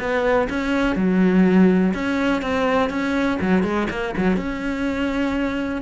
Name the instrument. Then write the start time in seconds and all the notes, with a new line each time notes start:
cello
0.00 B3
0.50 C#4
0.96 F#3
1.95 C#4
2.42 C4
2.90 C#4
3.41 F#3
3.63 G#3
3.91 A#3
4.17 F#3
4.37 C#4